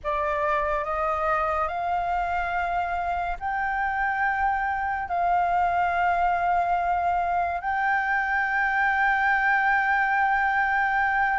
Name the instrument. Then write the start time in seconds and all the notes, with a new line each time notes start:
flute
0.03 D5
0.84 D#5
1.67 F5
3.39 G5
5.08 F5
7.60 G5